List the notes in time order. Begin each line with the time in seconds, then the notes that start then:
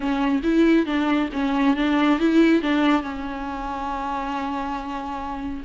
0.00 C#4
0.43 E4
0.85 D4
1.32 C#4
1.76 D4
2.19 E4
2.62 D4
3.02 C#4